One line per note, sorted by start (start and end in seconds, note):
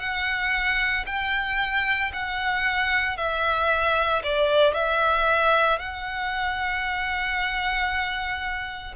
0.00 1.05 F#5
1.07 2.12 G5
2.13 3.17 F#5
3.17 4.22 E5
4.23 4.74 D5
4.74 5.79 E5
5.79 8.95 F#5